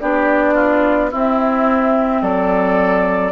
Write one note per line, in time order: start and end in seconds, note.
0.00 1.13 B3
0.00 1.12 D4
0.00 0.55 G4
0.00 1.11 D5
0.55 1.10 F4
1.11 3.32 C4
1.11 2.22 C4
1.11 2.22 E4
1.11 2.23 E5
2.22 3.32 F#3
2.22 3.32 A4
2.22 3.32 D5